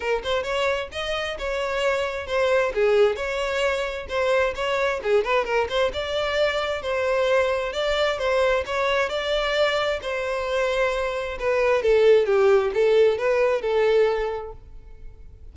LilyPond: \new Staff \with { instrumentName = "violin" } { \time 4/4 \tempo 4 = 132 ais'8 c''8 cis''4 dis''4 cis''4~ | cis''4 c''4 gis'4 cis''4~ | cis''4 c''4 cis''4 gis'8 b'8 | ais'8 c''8 d''2 c''4~ |
c''4 d''4 c''4 cis''4 | d''2 c''2~ | c''4 b'4 a'4 g'4 | a'4 b'4 a'2 | }